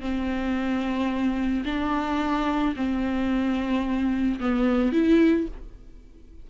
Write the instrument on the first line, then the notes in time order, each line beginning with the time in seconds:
viola
0.00 C4
1.65 D4
2.75 C4
4.40 B3
4.92 E4